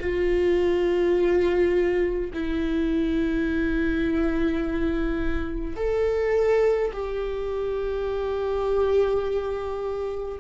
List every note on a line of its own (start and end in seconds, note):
0.00 2.31 F4
2.33 5.76 E4
5.76 6.92 A4
6.93 10.39 G4